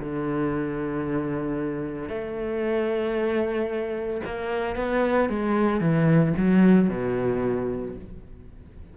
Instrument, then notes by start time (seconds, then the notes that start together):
cello
0.00 D3
2.09 A3
4.26 A#3
4.77 B3
5.30 G#3
5.81 E3
6.38 F#3
6.89 B2